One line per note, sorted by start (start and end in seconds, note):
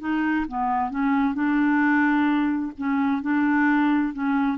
0.00 0.46 D#4
0.48 0.90 B3
0.90 1.34 C#4
1.34 2.72 D4
2.78 3.22 C#4
3.22 4.13 D4
4.13 4.58 C#4